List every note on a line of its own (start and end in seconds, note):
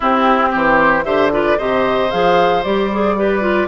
0.00 1.04 C4
0.00 0.54 C4
0.00 0.48 E4
0.00 0.54 G4
0.51 1.05 E3
0.51 1.04 G4
0.51 1.04 C5
1.04 1.57 D3
1.04 1.31 G4
1.04 1.31 C5
1.04 1.30 E5
1.31 1.58 F4
1.31 1.58 B4
1.31 1.59 D5
1.58 2.12 C3
1.58 2.10 G4
1.58 3.15 C5
1.58 2.10 D#5
2.10 2.65 F3
2.10 2.63 G#4
2.10 2.63 F5
2.63 3.67 G3
2.63 2.90 G4
2.63 3.67 D5
2.92 3.17 G#4
3.17 3.41 G4
3.17 3.67 B4
3.41 3.67 F4